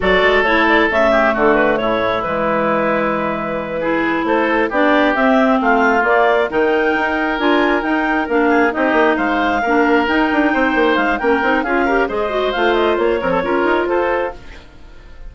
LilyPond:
<<
  \new Staff \with { instrumentName = "clarinet" } { \time 4/4 \tempo 4 = 134 d''4 cis''8 d''8 e''4 a'8 b'8 | cis''4 b'2.~ | b'4. c''4 d''4 e''8~ | e''8 f''4 d''4 g''4.~ |
g''8 gis''4 g''4 f''4 dis''8~ | dis''8 f''2 g''4.~ | g''8 f''8 g''4 f''4 dis''4 | f''8 dis''8 cis''2 c''4 | }
  \new Staff \with { instrumentName = "oboe" } { \time 4/4 a'2~ a'8 g'8 fis'4 | e'1~ | e'8 gis'4 a'4 g'4.~ | g'8 f'2 ais'4.~ |
ais'2. gis'8 g'8~ | g'8 c''4 ais'2 c''8~ | c''4 ais'4 gis'8 ais'8 c''4~ | c''4. ais'16 a'16 ais'4 a'4 | }
  \new Staff \with { instrumentName = "clarinet" } { \time 4/4 fis'4 e'4 a2~ | a4 gis2.~ | gis8 e'2 d'4 c'8~ | c'4. ais4 dis'4.~ |
dis'8 f'4 dis'4 d'4 dis'8~ | dis'4. d'4 dis'4.~ | dis'4 cis'8 dis'8 f'8 g'8 gis'8 fis'8 | f'4. f8 f'2 | }
  \new Staff \with { instrumentName = "bassoon" } { \time 4/4 fis8 gis8 a4 cis4 d4 | a,4 e2.~ | e4. a4 b4 c'8~ | c'8 a4 ais4 dis4 dis'8~ |
dis'8 d'4 dis'4 ais4 c'8 | ais8 gis4 ais4 dis'8 d'8 c'8 | ais8 gis8 ais8 c'8 cis'4 gis4 | a4 ais8 c'8 cis'8 dis'8 f'4 | }
>>